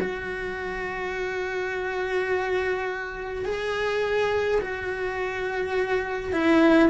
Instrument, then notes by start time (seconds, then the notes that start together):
cello
0.00 F#4
3.45 G#4
4.61 F#4
6.32 E4